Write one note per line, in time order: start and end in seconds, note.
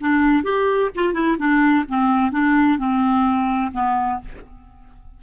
0.00 0.43 D4
0.43 0.90 G4
0.95 1.13 F4
1.13 1.37 E4
1.38 1.85 D4
1.88 2.31 C4
2.31 2.78 D4
2.78 3.72 C4
3.73 4.20 B3